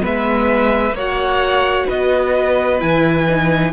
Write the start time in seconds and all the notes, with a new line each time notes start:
0.00 G#3 B3 B4 E5
0.91 A#3 C#5
0.97 F#4 F#5
1.86 B3 B4 D#5
2.79 E3 E4 G#5
3.28 D#4